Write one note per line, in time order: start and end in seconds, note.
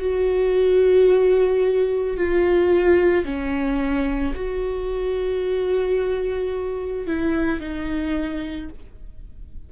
0.00 2.18 F#4
2.18 3.25 F4
3.25 4.34 C#4
4.35 7.07 F#4
7.07 7.61 E4
7.61 8.70 D#4